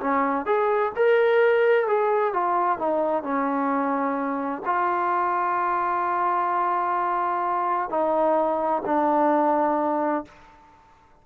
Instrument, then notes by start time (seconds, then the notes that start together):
trombone
0.00 C#4
0.45 G#4
0.96 A#4
1.87 G#4
2.33 F4
2.78 D#4
3.23 C#4
4.65 F4
7.89 D#4
8.85 D4